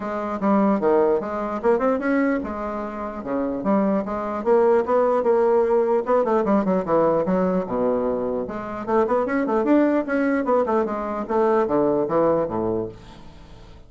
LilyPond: \new Staff \with { instrumentName = "bassoon" } { \time 4/4 \tempo 4 = 149 gis4 g4 dis4 gis4 | ais8 c'8 cis'4 gis2 | cis4 g4 gis4 ais4 | b4 ais2 b8 a8 |
g8 fis8 e4 fis4 b,4~ | b,4 gis4 a8 b8 cis'8 a8 | d'4 cis'4 b8 a8 gis4 | a4 d4 e4 a,4 | }